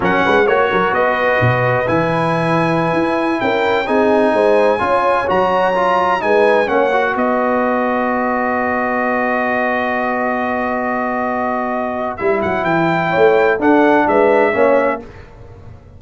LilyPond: <<
  \new Staff \with { instrumentName = "trumpet" } { \time 4/4 \tempo 4 = 128 fis''4 cis''4 dis''2 | gis''2.~ gis''16 g''8.~ | g''16 gis''2. ais''8.~ | ais''4~ ais''16 gis''4 fis''4 dis''8.~ |
dis''1~ | dis''1~ | dis''2 e''8 fis''8 g''4~ | g''4 fis''4 e''2 | }
  \new Staff \with { instrumentName = "horn" } { \time 4/4 ais'8 b'8 cis''8 ais'8 b'2~ | b'2.~ b'16 ais'8.~ | ais'16 gis'4 c''4 cis''4.~ cis''16~ | cis''4~ cis''16 b'4 cis''4 b'8.~ |
b'1~ | b'1~ | b'1 | cis''4 a'4 b'4 cis''4 | }
  \new Staff \with { instrumentName = "trombone" } { \time 4/4 cis'4 fis'2. | e'1~ | e'16 dis'2 f'4 fis'8.~ | fis'16 f'4 dis'4 cis'8 fis'4~ fis'16~ |
fis'1~ | fis'1~ | fis'2 e'2~ | e'4 d'2 cis'4 | }
  \new Staff \with { instrumentName = "tuba" } { \time 4/4 fis8 gis8 ais8 fis8 b4 b,4 | e2~ e16 e'4 cis'8.~ | cis'16 c'4 gis4 cis'4 fis8.~ | fis4~ fis16 gis4 ais4 b8.~ |
b1~ | b1~ | b2 g8 fis8 e4 | a4 d'4 gis4 ais4 | }
>>